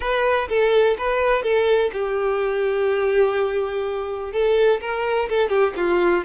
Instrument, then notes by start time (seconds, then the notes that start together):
violin
0.00 B4
0.48 A4
0.98 B4
1.42 A4
1.92 G4
4.32 A4
4.80 A#4
5.29 A4
5.49 G4
5.76 F4